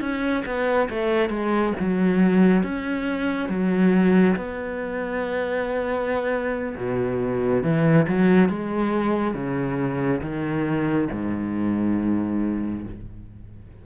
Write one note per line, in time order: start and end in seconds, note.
0.00 0.43 C#4
0.45 0.89 B3
0.89 1.29 A3
1.29 1.73 G#3
1.79 2.63 F#3
2.63 3.49 C#4
3.49 4.36 F#3
4.36 6.75 B3
6.77 7.62 B2
7.62 8.06 E3
8.08 8.49 F#3
8.49 9.34 G#3
9.34 10.21 C#3
10.21 11.08 D#3
11.11 12.85 G#2